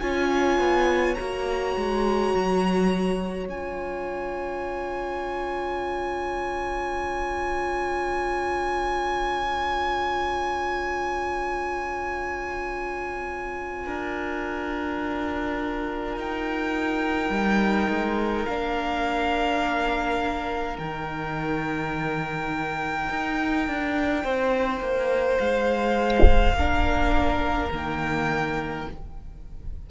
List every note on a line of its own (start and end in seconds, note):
0.00 0.59 C#4
0.00 1.17 F4
0.00 13.85 C#5
0.00 1.15 G#5
0.59 1.17 B3
1.15 1.76 A#3
1.15 3.48 F#4
1.15 3.45 A#5
1.76 2.34 G#3
2.35 3.49 F#3
3.49 13.87 C#4
3.49 17.32 F4
3.49 16.19 G#5
13.85 16.17 D4
13.85 24.24 A#4
16.17 17.30 D#4
16.17 18.46 G5
17.30 17.88 G3
17.30 18.47 D#4
17.89 18.46 G#3
18.46 20.78 A#3
18.46 20.78 D4
18.46 20.77 F5
20.78 23.09 D#3
20.78 26.55 D#4
20.78 25.39 G5
23.10 23.68 D#4
23.68 24.24 D4
24.24 24.81 C4
24.24 26.55 C5
24.81 25.38 A#3
25.39 26.54 G#3
25.39 27.69 F5
26.54 27.69 A#3
26.54 27.73 D4
26.54 28.89 A#4
27.72 28.87 D#3
27.72 28.88 A#3
27.72 28.91 G5